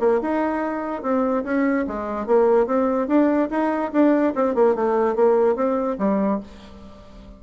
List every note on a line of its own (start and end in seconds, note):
0.00 0.21 A#3
0.22 1.03 D#4
1.03 1.44 C4
1.44 1.86 C#4
1.88 2.27 G#3
2.27 2.67 A#3
2.67 3.08 C4
3.08 3.49 D4
3.51 3.92 D#4
3.93 4.34 D4
4.35 4.55 C4
4.55 4.76 A#3
4.76 5.16 A3
5.16 5.56 A#3
5.56 5.97 C4
5.99 6.40 G3